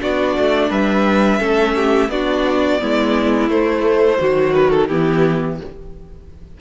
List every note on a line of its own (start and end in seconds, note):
0.00 0.38 B3
0.00 1.39 D4
0.00 0.70 F#4
0.00 0.71 D5
0.38 0.71 A3
0.70 1.40 G3
0.70 1.39 B4
0.70 2.10 E5
1.39 2.09 A3
1.39 2.09 C#4
1.39 1.74 A4
1.76 2.11 G4
2.09 2.79 B3
2.09 2.80 D4
2.09 2.82 F#4
2.09 3.50 D5
2.80 3.49 G#3
2.80 3.50 B3
2.80 4.20 E4
3.49 4.19 A3
3.49 4.54 C5
4.19 4.91 D#3
4.19 4.88 F#3
4.19 4.88 F#4
4.54 4.71 B4
4.71 4.88 A4
4.88 5.61 E3
4.88 5.60 B3
4.88 5.58 E4
4.88 5.58 G4